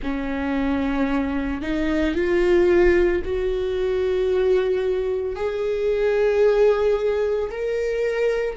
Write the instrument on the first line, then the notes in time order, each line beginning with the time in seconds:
viola
0.02 C#4
1.61 D#4
2.14 F4
3.24 F#4
5.35 G#4
7.50 A#4